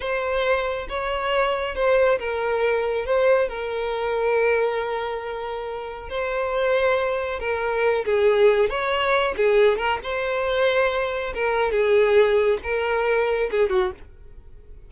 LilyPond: \new Staff \with { instrumentName = "violin" } { \time 4/4 \tempo 4 = 138 c''2 cis''2 | c''4 ais'2 c''4 | ais'1~ | ais'2 c''2~ |
c''4 ais'4. gis'4. | cis''4. gis'4 ais'8 c''4~ | c''2 ais'4 gis'4~ | gis'4 ais'2 gis'8 fis'8 | }